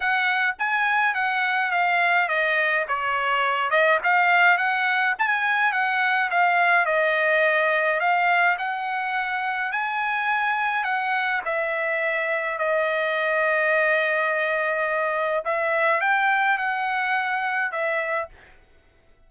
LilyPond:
\new Staff \with { instrumentName = "trumpet" } { \time 4/4 \tempo 4 = 105 fis''4 gis''4 fis''4 f''4 | dis''4 cis''4. dis''8 f''4 | fis''4 gis''4 fis''4 f''4 | dis''2 f''4 fis''4~ |
fis''4 gis''2 fis''4 | e''2 dis''2~ | dis''2. e''4 | g''4 fis''2 e''4 | }